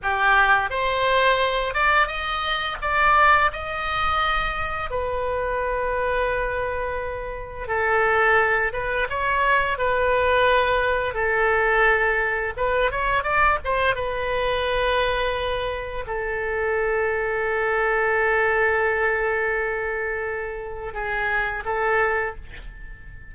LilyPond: \new Staff \with { instrumentName = "oboe" } { \time 4/4 \tempo 4 = 86 g'4 c''4. d''8 dis''4 | d''4 dis''2 b'4~ | b'2. a'4~ | a'8 b'8 cis''4 b'2 |
a'2 b'8 cis''8 d''8 c''8 | b'2. a'4~ | a'1~ | a'2 gis'4 a'4 | }